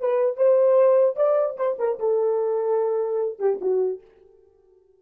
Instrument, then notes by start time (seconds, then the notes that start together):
horn
0.00 B4
0.37 C5
1.16 D5
1.56 C5
1.79 A#4
1.99 A4
3.39 G4
3.61 F#4